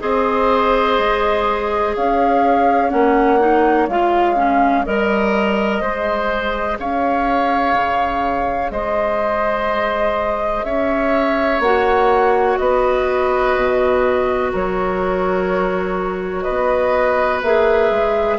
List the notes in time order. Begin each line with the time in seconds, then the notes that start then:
0.00 C4 G#4 C5 D#5
0.98 G#3
1.95 C#4 C#5 F5
2.90 A#3 C#4 F#5
3.40 D#4
3.88 G#3 F4 F5
4.36 C#4
4.85 G3 A#4 D#5
5.81 G#3 G#4 C5
6.79 C#4 C#5 F5
7.74 C#3
8.71 G#3 C5 D#5
10.64 C#4 C#5 E5
11.59 A#3 F#4 F#5
12.58 B3 B4 D#5
13.56 B2
14.52 F#3 A#4 C#5
16.43 B4 D#5
16.49 B3
17.43 A#3 G#4 E5
17.90 G#3